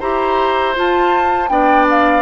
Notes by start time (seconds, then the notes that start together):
0.00 E4 G4 C5 A#5
0.75 F4 A5
1.49 B3 D4 D5 G5
1.90 F5